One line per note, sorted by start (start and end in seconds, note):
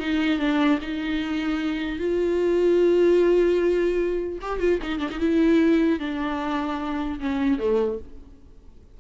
0.00 0.39 D#4
0.39 0.79 D4
0.81 1.99 D#4
1.99 4.39 F4
4.42 4.59 G4
4.59 4.79 F4
4.82 4.99 D#4
4.99 5.09 D4
5.11 5.19 D#4
5.19 5.99 E4
5.99 7.19 D4
7.20 7.59 C#4
7.59 7.99 A3